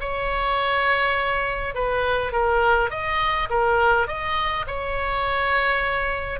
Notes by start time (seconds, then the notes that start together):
0.00 C#5
1.74 B4
2.32 A#4
2.90 D#5
3.50 A#4
4.07 D#5
4.67 C#5